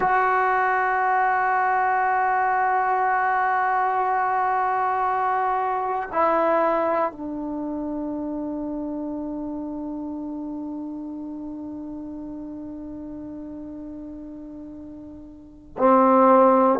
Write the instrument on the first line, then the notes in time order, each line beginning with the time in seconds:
trombone
0.00 F#4
6.12 E4
7.11 D4
15.78 C4